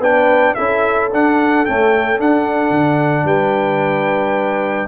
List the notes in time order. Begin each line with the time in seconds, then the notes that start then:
0.00 B3 D4 B4 G5
0.54 C#4 E4 A4 E5
1.12 D4 F#5
1.65 A3 C#4 G5
2.19 D4 F#5
2.70 D3
3.25 G3 B4 G5